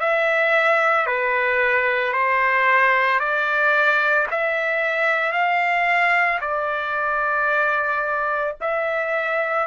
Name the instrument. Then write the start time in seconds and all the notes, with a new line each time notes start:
trumpet
0.00 E5
1.06 B4
2.13 C5
3.19 D5
4.31 E5
5.32 F5
6.40 D5
8.61 E5